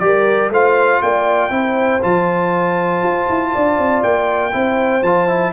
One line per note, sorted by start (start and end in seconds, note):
0.00 0.50 G3
0.00 0.51 G4
0.00 0.52 A#4
0.00 0.50 D5
0.50 1.00 A3
0.50 1.50 F4
0.50 1.02 C5
0.50 1.02 F5
1.02 1.50 A#3
1.02 1.53 D5
1.02 2.02 G5
1.50 2.00 C4
1.50 2.00 E4
1.50 3.53 C5
2.02 3.03 F3
2.02 4.52 F4
2.02 4.03 A5
3.03 3.28 F4
3.29 3.54 E4
3.53 3.78 D4
3.53 4.53 D5
3.78 4.03 C4
4.03 4.54 A#3
4.03 5.03 G5
4.52 5.03 C4
4.52 5.02 E4
4.52 5.53 C5
5.03 5.53 F3
5.03 5.28 F4
5.03 5.53 A5
5.28 5.53 E4